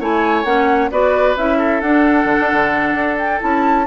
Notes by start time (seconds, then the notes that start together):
0.00 A3 E4 C#5 G#5
0.44 A#3 C#4 F#5
0.91 B3 F#4 B4 D5
1.36 C#4 E4 E5
1.58 A4
1.81 D4 F#5
2.25 D3
2.41 D4
2.52 D3
2.94 D4
3.18 G5
3.40 C#4 E4 A5